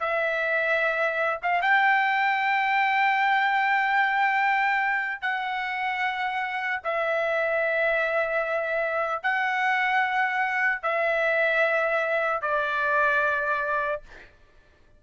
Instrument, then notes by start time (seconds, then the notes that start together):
trumpet
0.00 E5
1.43 F5
1.62 G5
5.21 F#5
6.84 E5
9.23 F#5
10.83 E5
12.41 D5